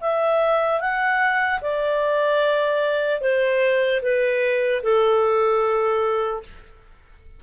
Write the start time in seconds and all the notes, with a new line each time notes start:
0.00 E5
0.80 F#5
1.61 D5
3.20 C5
4.02 B4
4.82 A4